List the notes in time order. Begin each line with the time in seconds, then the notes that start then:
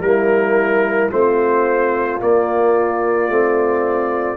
0.00 G3 A#3 E4 A#4
1.10 A3 C4 F4 C5
2.21 A#3 D5
3.29 A3 C4